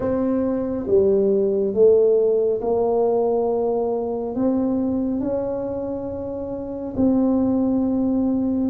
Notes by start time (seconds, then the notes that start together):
0.00 C4
0.87 G3
1.74 A3
2.61 A#3
4.35 C4
5.20 C#4
6.96 C4